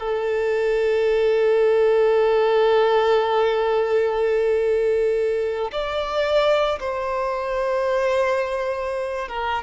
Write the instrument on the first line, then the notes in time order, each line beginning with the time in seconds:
violin
0.00 A4
5.72 D5
6.80 C5
9.29 A#4